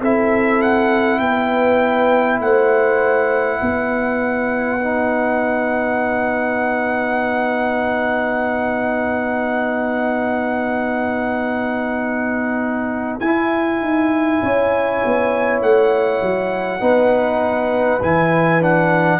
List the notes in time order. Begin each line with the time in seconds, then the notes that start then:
0.00 C4 E4 A4 E5
0.62 F#5
1.19 B3 B4 G5
2.40 A3 C5 F#5
3.60 B3 B4
4.81 D#4
13.20 E4 G#5
13.80 D#4
14.42 C#4 C#5
15.05 B3
15.62 A3 F#5
16.22 F#3
16.80 B3 D#4 B4
18.02 E3 E4 G#5
18.61 D4 F#5